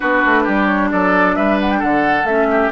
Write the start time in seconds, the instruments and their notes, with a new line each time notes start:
0.00 bassoon B3, clarinet D4, oboe F#4, flute B4
0.25 bassoon A3
0.43 bassoon G3, oboe G4
0.66 flute C#5
0.91 bassoon F#3, oboe A4, flute D5
1.35 bassoon G3, oboe B4, flute E5
1.60 flute F#5
1.71 flute G5
1.79 bassoon D3, oboe A4, flute F#5
2.24 bassoon A3, clarinet C#4, flute E5
2.50 oboe G4